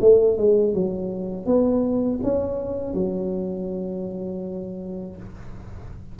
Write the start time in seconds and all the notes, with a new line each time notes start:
0.00 A3
0.37 G#3
0.73 F#3
1.45 B3
2.23 C#4
2.94 F#3